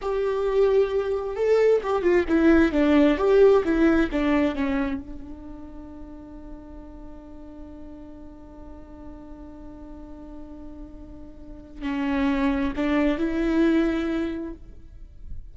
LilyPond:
\new Staff \with { instrumentName = "viola" } { \time 4/4 \tempo 4 = 132 g'2. a'4 | g'8 f'8 e'4 d'4 g'4 | e'4 d'4 cis'4 d'4~ | d'1~ |
d'1~ | d'1~ | d'2 cis'2 | d'4 e'2. | }